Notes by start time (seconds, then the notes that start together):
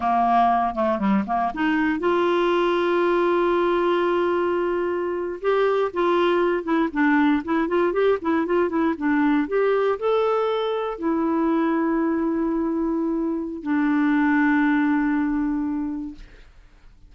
0.00 A#3
0.74 A3
0.99 G3
1.27 A#3
1.54 D#4
1.99 F4
5.41 G4
5.93 F4
6.63 E4
6.92 D4
7.44 E4
7.68 F4
7.92 G4
8.21 E4
8.46 F4
8.69 E4
8.97 D4
9.48 G4
9.99 A4
10.98 E4
13.62 D4